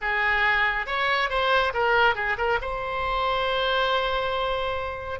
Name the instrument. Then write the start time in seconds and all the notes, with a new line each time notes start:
oboe
0.01 G#4
0.86 C#5
1.29 C5
1.73 A#4
2.15 G#4
2.37 A#4
2.61 C5